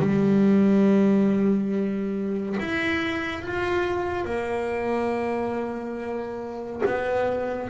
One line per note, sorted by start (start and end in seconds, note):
0.00 2.57 G3
2.60 3.42 E4
3.42 4.25 F4
4.25 6.83 A#3
6.86 7.70 B3